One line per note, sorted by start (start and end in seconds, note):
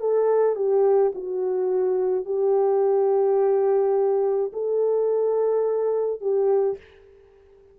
0.00 0.56 A4
0.56 1.13 G4
1.15 2.25 F#4
2.25 4.52 G4
4.53 6.21 A4
6.21 6.78 G4